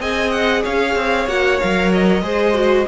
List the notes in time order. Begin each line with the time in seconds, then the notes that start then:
0.00 C4 G#4 D#5 G#5
0.31 F#5
0.63 C#4 C#5 F5
0.95 C4
1.27 A#3 F#4 F#5
1.59 F#3 A#4 F5
1.93 D#5
2.22 G#3 G#4 C5
2.54 F#4